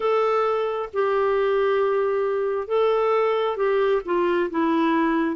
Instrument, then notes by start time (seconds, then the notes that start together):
clarinet
0.00 A4
0.93 G4
2.67 A4
3.56 G4
4.05 F4
4.50 E4